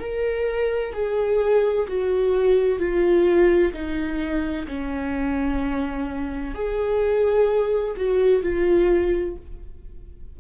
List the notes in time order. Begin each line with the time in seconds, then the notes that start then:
0.00 A#4
0.93 G#4
1.88 F#4
2.79 F4
3.73 D#4
4.67 C#4
6.55 G#4
7.97 F#4
8.42 F4